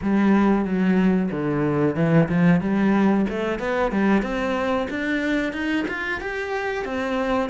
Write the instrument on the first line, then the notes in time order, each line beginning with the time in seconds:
cello
0.02 G3
0.64 F#3
1.31 D3
1.95 E3
2.28 F3
2.60 G3
3.29 A3
3.59 B3
3.91 G3
4.22 C4
4.89 D4
5.53 D#4
5.88 F4
6.20 G4
6.84 C4